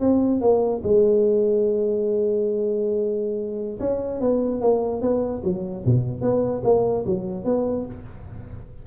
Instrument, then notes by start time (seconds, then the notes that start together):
tuba
0.00 C4
0.41 A#3
0.83 G#3
3.80 C#4
4.21 B3
4.61 A#3
5.01 B3
5.44 F#3
5.85 B2
6.21 B3
6.64 A#3
7.06 F#3
7.44 B3